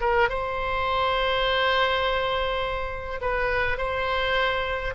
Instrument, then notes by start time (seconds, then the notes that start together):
oboe
0.00 A#4
0.29 C5
3.21 B4
3.78 C5